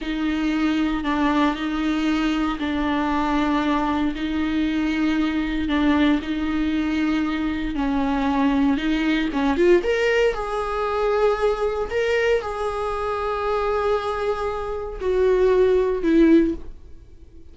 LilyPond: \new Staff \with { instrumentName = "viola" } { \time 4/4 \tempo 4 = 116 dis'2 d'4 dis'4~ | dis'4 d'2. | dis'2. d'4 | dis'2. cis'4~ |
cis'4 dis'4 cis'8 f'8 ais'4 | gis'2. ais'4 | gis'1~ | gis'4 fis'2 e'4 | }